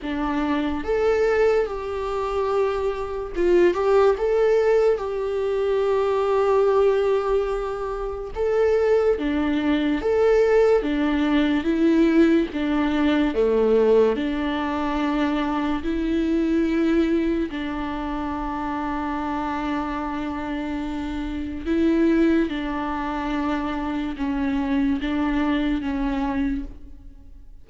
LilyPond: \new Staff \with { instrumentName = "viola" } { \time 4/4 \tempo 4 = 72 d'4 a'4 g'2 | f'8 g'8 a'4 g'2~ | g'2 a'4 d'4 | a'4 d'4 e'4 d'4 |
a4 d'2 e'4~ | e'4 d'2.~ | d'2 e'4 d'4~ | d'4 cis'4 d'4 cis'4 | }